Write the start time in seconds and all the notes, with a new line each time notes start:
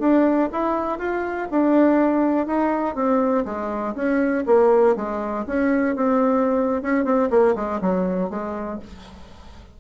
0.00 D4
0.53 E4
0.99 F4
1.51 D4
2.47 D#4
2.95 C4
3.46 G#3
3.95 C#4
4.47 A#3
4.96 G#3
5.47 C#4
5.96 C4
6.83 C#4
7.05 C4
7.31 A#3
7.56 G#3
7.81 F#3
8.30 G#3